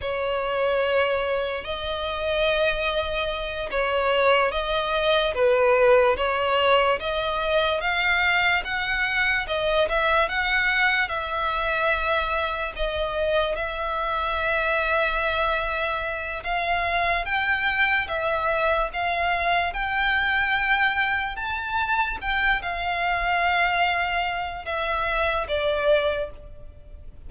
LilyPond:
\new Staff \with { instrumentName = "violin" } { \time 4/4 \tempo 4 = 73 cis''2 dis''2~ | dis''8 cis''4 dis''4 b'4 cis''8~ | cis''8 dis''4 f''4 fis''4 dis''8 | e''8 fis''4 e''2 dis''8~ |
dis''8 e''2.~ e''8 | f''4 g''4 e''4 f''4 | g''2 a''4 g''8 f''8~ | f''2 e''4 d''4 | }